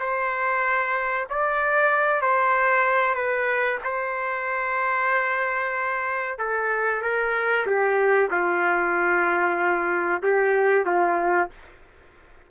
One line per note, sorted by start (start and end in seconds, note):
0.00 1.28 C5
1.30 2.22 D5
2.22 3.15 C5
3.15 3.79 B4
3.84 6.39 C5
6.39 7.02 A4
7.02 7.66 A#4
7.67 8.30 G4
8.31 10.22 F4
10.23 10.86 G4
10.86 11.50 F4